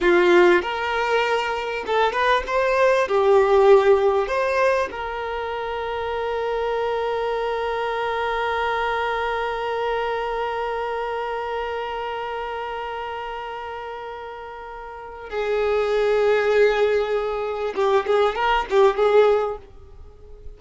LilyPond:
\new Staff \with { instrumentName = "violin" } { \time 4/4 \tempo 4 = 98 f'4 ais'2 a'8 b'8 | c''4 g'2 c''4 | ais'1~ | ais'1~ |
ais'1~ | ais'1~ | ais'4 gis'2.~ | gis'4 g'8 gis'8 ais'8 g'8 gis'4 | }